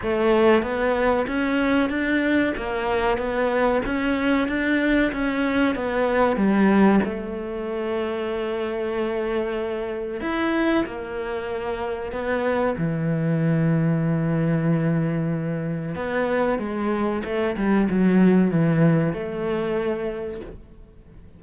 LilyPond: \new Staff \with { instrumentName = "cello" } { \time 4/4 \tempo 4 = 94 a4 b4 cis'4 d'4 | ais4 b4 cis'4 d'4 | cis'4 b4 g4 a4~ | a1 |
e'4 ais2 b4 | e1~ | e4 b4 gis4 a8 g8 | fis4 e4 a2 | }